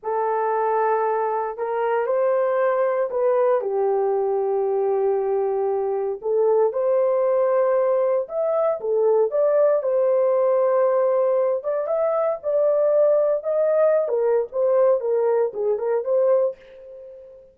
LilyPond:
\new Staff \with { instrumentName = "horn" } { \time 4/4 \tempo 4 = 116 a'2. ais'4 | c''2 b'4 g'4~ | g'1 | a'4 c''2. |
e''4 a'4 d''4 c''4~ | c''2~ c''8 d''8 e''4 | d''2 dis''4~ dis''16 ais'8. | c''4 ais'4 gis'8 ais'8 c''4 | }